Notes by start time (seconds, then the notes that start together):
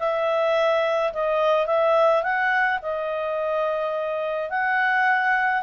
0.00 E5
1.13 D#5
1.67 E5
2.23 F#5
2.83 D#5
4.50 F#5